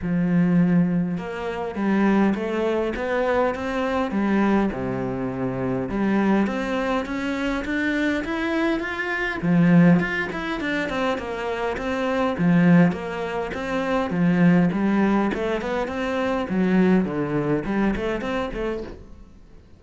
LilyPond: \new Staff \with { instrumentName = "cello" } { \time 4/4 \tempo 4 = 102 f2 ais4 g4 | a4 b4 c'4 g4 | c2 g4 c'4 | cis'4 d'4 e'4 f'4 |
f4 f'8 e'8 d'8 c'8 ais4 | c'4 f4 ais4 c'4 | f4 g4 a8 b8 c'4 | fis4 d4 g8 a8 c'8 a8 | }